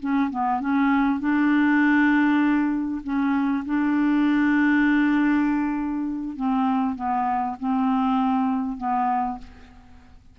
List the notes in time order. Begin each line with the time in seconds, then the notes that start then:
0.00 C#4
0.31 B3
0.60 C#4
1.20 D4
3.04 C#4
3.66 D4
6.36 C4
6.96 B3
7.60 C4
8.78 B3